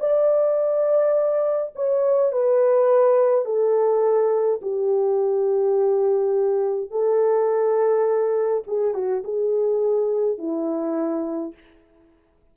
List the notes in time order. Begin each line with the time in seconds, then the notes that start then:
0.00 D5
1.76 C#5
2.32 B4
3.45 A4
4.62 G4
6.91 A4
8.67 G#4
8.94 F#4
9.25 G#4
10.38 E4